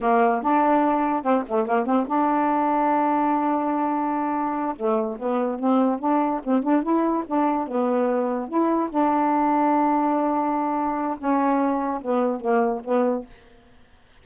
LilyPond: \new Staff \with { instrumentName = "saxophone" } { \time 4/4 \tempo 4 = 145 ais4 d'2 c'8 a8 | ais8 c'8 d'2.~ | d'2.~ d'8 a8~ | a8 b4 c'4 d'4 c'8 |
d'8 e'4 d'4 b4.~ | b8 e'4 d'2~ d'8~ | d'2. cis'4~ | cis'4 b4 ais4 b4 | }